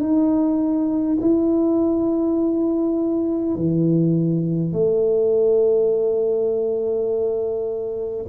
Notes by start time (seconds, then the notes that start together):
0.00 D#4
1.20 E4
3.55 E3
4.73 A3